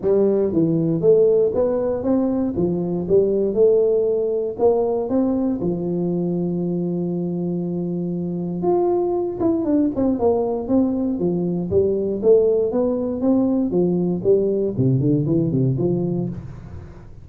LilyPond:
\new Staff \with { instrumentName = "tuba" } { \time 4/4 \tempo 4 = 118 g4 e4 a4 b4 | c'4 f4 g4 a4~ | a4 ais4 c'4 f4~ | f1~ |
f4 f'4. e'8 d'8 c'8 | ais4 c'4 f4 g4 | a4 b4 c'4 f4 | g4 c8 d8 e8 c8 f4 | }